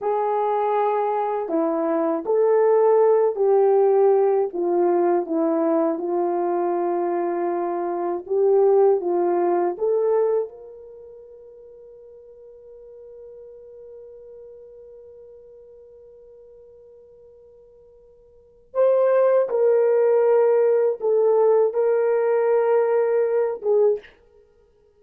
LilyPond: \new Staff \with { instrumentName = "horn" } { \time 4/4 \tempo 4 = 80 gis'2 e'4 a'4~ | a'8 g'4. f'4 e'4 | f'2. g'4 | f'4 a'4 ais'2~ |
ais'1~ | ais'1~ | ais'4 c''4 ais'2 | a'4 ais'2~ ais'8 gis'8 | }